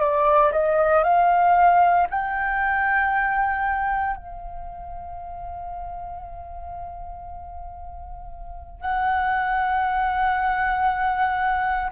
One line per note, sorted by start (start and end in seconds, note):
0.00 0.52 D5
0.53 1.04 D#5
1.04 2.07 F5
2.11 4.17 G5
4.17 8.81 F5
8.81 11.92 F#5